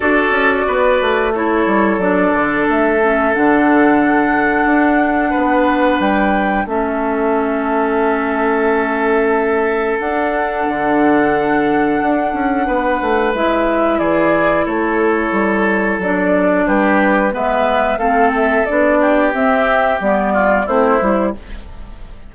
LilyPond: <<
  \new Staff \with { instrumentName = "flute" } { \time 4/4 \tempo 4 = 90 d''2 cis''4 d''4 | e''4 fis''2.~ | fis''4 g''4 e''2~ | e''2. fis''4~ |
fis''1 | e''4 d''4 cis''2 | d''4 b'4 e''4 f''8 e''8 | d''4 e''4 d''4 c''4 | }
  \new Staff \with { instrumentName = "oboe" } { \time 4/4 a'4 b'4 a'2~ | a'1 | b'2 a'2~ | a'1~ |
a'2. b'4~ | b'4 gis'4 a'2~ | a'4 g'4 b'4 a'4~ | a'8 g'2 f'8 e'4 | }
  \new Staff \with { instrumentName = "clarinet" } { \time 4/4 fis'2 e'4 d'4~ | d'8 cis'8 d'2.~ | d'2 cis'2~ | cis'2. d'4~ |
d'1 | e'1 | d'2 b4 c'4 | d'4 c'4 b4 c'8 e'8 | }
  \new Staff \with { instrumentName = "bassoon" } { \time 4/4 d'8 cis'8 b8 a4 g8 fis8 d8 | a4 d2 d'4 | b4 g4 a2~ | a2. d'4 |
d2 d'8 cis'8 b8 a8 | gis4 e4 a4 g4 | fis4 g4 gis4 a4 | b4 c'4 g4 a8 g8 | }
>>